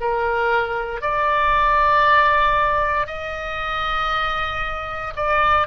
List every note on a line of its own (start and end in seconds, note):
0.00 1.01 A#4
1.01 3.06 D5
3.06 5.13 D#5
5.16 5.67 D5